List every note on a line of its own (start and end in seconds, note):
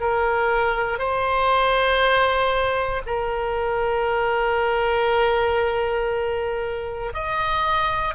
0.00 0.98 A#4
0.98 3.02 C5
3.06 7.13 A#4
7.14 8.14 D#5